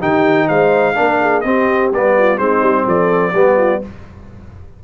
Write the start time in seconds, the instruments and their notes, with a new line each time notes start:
0.00 tuba D#3, trombone D#4, horn G4, trumpet G5
0.48 tuba G#3, horn C5, trumpet F5
0.95 tuba A#3, trombone D4, horn A#4
1.22 horn G#4
1.41 tuba C4, trombone C4, horn G4, trumpet D#5
1.92 tuba G3, trombone B3, trumpet D5
2.19 horn F4
2.39 tuba G#3, trombone C4, horn D#4, trumpet C5
2.62 tuba G3
2.87 tuba F3, horn A4, trumpet D5
3.33 tuba G3, trombone B3, horn G4
3.58 horn F4